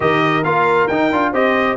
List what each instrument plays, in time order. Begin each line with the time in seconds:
0.00 tuba D#3, trombone G4, horn A#4, trumpet D#5
0.44 tuba A#3, trombone F4, trumpet F5
0.87 tuba D#4, trombone D#4, trumpet G5
1.12 tuba D4, trombone F4
1.32 tuba C4, trombone G4, horn C5, trumpet D#5